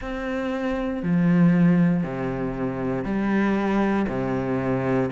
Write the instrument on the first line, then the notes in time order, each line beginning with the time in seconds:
cello
0.01 C4
1.03 F3
2.03 C3
3.04 G3
4.08 C3